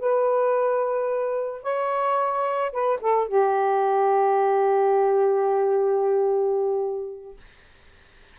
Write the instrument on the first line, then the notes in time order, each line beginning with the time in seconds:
saxophone
0.00 B4
1.63 C#5
2.73 B4
3.01 A4
3.29 G4